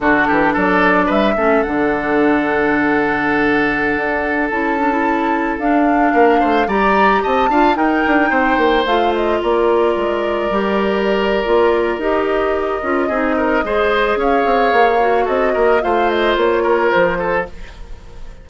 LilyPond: <<
  \new Staff \with { instrumentName = "flute" } { \time 4/4 \tempo 4 = 110 a'4 d''4 e''4 fis''4~ | fis''1~ | fis''16 a''2 f''4.~ f''16~ | f''16 ais''4 a''4 g''4.~ g''16~ |
g''16 f''8 dis''8 d''2~ d''8.~ | d''2 dis''2~ | dis''2 f''2 | dis''4 f''8 dis''8 cis''4 c''4 | }
  \new Staff \with { instrumentName = "oboe" } { \time 4/4 fis'8 g'8 a'4 b'8 a'4.~ | a'1~ | a'2.~ a'16 ais'8 c''16~ | c''16 d''4 dis''8 f''8 ais'4 c''8.~ |
c''4~ c''16 ais'2~ ais'8.~ | ais'1 | gis'8 ais'8 c''4 cis''2 | a'8 ais'8 c''4. ais'4 a'8 | }
  \new Staff \with { instrumentName = "clarinet" } { \time 4/4 d'2~ d'8 cis'8 d'4~ | d'1~ | d'16 e'8 d'16 e'4~ e'16 d'4.~ d'16~ | d'16 g'4. f'8 dis'4.~ dis'16~ |
dis'16 f'2. g'8.~ | g'4 f'4 g'4. f'8 | dis'4 gis'2~ gis'8 fis'8~ | fis'4 f'2. | }
  \new Staff \with { instrumentName = "bassoon" } { \time 4/4 d8 e8 fis4 g8 a8 d4~ | d2.~ d16 d'8.~ | d'16 cis'2 d'4 ais8 a16~ | a16 g4 c'8 d'8 dis'8 d'8 c'8 ais16~ |
ais16 a4 ais4 gis4 g8.~ | g4 ais4 dis'4. cis'8 | c'4 gis4 cis'8 c'8 ais4 | c'8 ais8 a4 ais4 f4 | }
>>